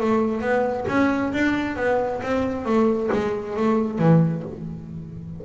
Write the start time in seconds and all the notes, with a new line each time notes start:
0.00 A3
0.41 B3
0.88 C#4
1.33 D4
1.76 B3
2.22 C4
2.65 A3
3.12 G#3
3.57 A3
3.98 E3